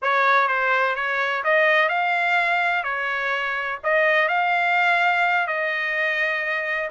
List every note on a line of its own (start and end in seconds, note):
0.02 0.48 C#5
0.48 0.95 C5
0.95 1.43 C#5
1.44 1.88 D#5
1.88 2.83 F5
2.83 3.79 C#5
3.83 4.28 D#5
4.28 5.47 F5
5.47 6.90 D#5